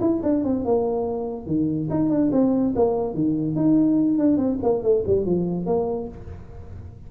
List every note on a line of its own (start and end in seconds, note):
0.00 0.21 E4
0.23 0.43 D4
0.44 0.64 C4
0.64 1.46 A#3
1.46 1.88 D#3
1.90 2.09 D#4
2.09 2.30 D4
2.32 2.74 C4
2.75 3.14 A#3
3.14 3.55 D#3
3.55 4.18 D#4
4.18 4.37 D4
4.37 4.58 C4
4.62 4.82 A#3
4.82 5.03 A3
5.06 5.25 G3
5.25 5.66 F3
5.66 6.08 A#3